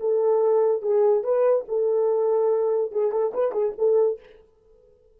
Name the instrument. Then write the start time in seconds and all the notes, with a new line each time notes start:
horn
0.00 A4
0.82 G#4
1.24 B4
1.68 A4
2.92 G#4
3.12 A4
3.34 B4
3.52 G#4
3.78 A4